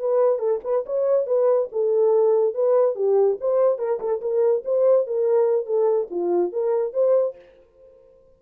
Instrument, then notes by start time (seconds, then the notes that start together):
horn
0.00 B4
0.39 A4
0.64 B4
0.86 C#5
1.27 B4
1.72 A4
2.55 B4
2.96 G4
3.41 C5
3.79 A#4
4.00 A4
4.21 A#4
4.65 C5
5.07 A#4
5.66 A4
6.11 F4
6.53 A#4
6.94 C5